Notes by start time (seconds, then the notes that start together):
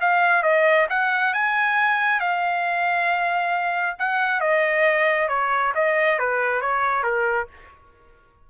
0.00 F5
0.42 D#5
0.89 F#5
1.33 G#5
2.20 F5
3.99 F#5
4.40 D#5
5.28 C#5
5.75 D#5
6.18 B4
6.61 C#5
7.03 A#4